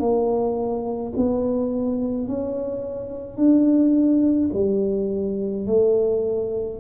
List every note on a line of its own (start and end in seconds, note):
0.00 1.13 A#3
1.17 2.28 B3
2.28 3.37 C#4
3.37 4.50 D4
4.54 5.67 G3
5.67 6.80 A3